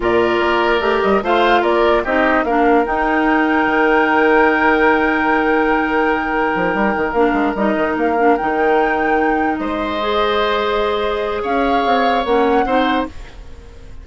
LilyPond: <<
  \new Staff \with { instrumentName = "flute" } { \time 4/4 \tempo 4 = 147 d''2~ d''8 dis''8 f''4 | d''4 dis''4 f''4 g''4~ | g''1~ | g''1~ |
g''4. f''4 dis''4 f''8~ | f''8 g''2. dis''8~ | dis''1 | f''2 fis''2 | }
  \new Staff \with { instrumentName = "oboe" } { \time 4/4 ais'2. c''4 | ais'4 g'4 ais'2~ | ais'1~ | ais'1~ |
ais'1~ | ais'2.~ ais'8 c''8~ | c''1 | cis''2. c''4 | }
  \new Staff \with { instrumentName = "clarinet" } { \time 4/4 f'2 g'4 f'4~ | f'4 dis'4 d'4 dis'4~ | dis'1~ | dis'1~ |
dis'4. d'4 dis'4. | d'8 dis'2.~ dis'8~ | dis'8 gis'2.~ gis'8~ | gis'2 cis'4 dis'4 | }
  \new Staff \with { instrumentName = "bassoon" } { \time 4/4 ais,4 ais4 a8 g8 a4 | ais4 c'4 ais4 dis'4~ | dis'4 dis2.~ | dis1 |
f8 g8 dis8 ais8 gis8 g8 dis8 ais8~ | ais8 dis2. gis8~ | gis1 | cis'4 c'4 ais4 c'4 | }
>>